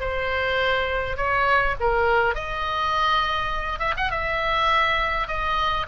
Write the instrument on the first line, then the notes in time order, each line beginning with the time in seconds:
oboe
0.00 C5
1.17 C#5
1.80 A#4
2.35 D#5
3.79 E5
3.97 F#5
4.11 E5
5.28 D#5